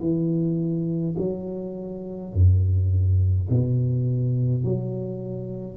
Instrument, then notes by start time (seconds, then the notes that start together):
tuba
0.00 E3
1.18 F#3
2.33 F#2
3.49 B2
4.64 F#3